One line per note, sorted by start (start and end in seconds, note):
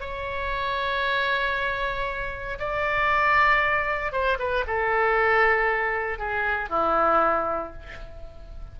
0.00 2.59 C#5
2.59 4.12 D5
4.12 4.38 C5
4.39 4.65 B4
4.67 6.19 A4
6.19 6.69 G#4
6.69 7.73 E4